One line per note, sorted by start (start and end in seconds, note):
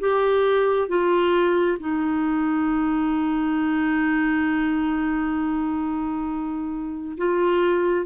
0.00 0.88 G4
0.88 1.78 F4
1.80 7.17 D#4
7.18 8.06 F4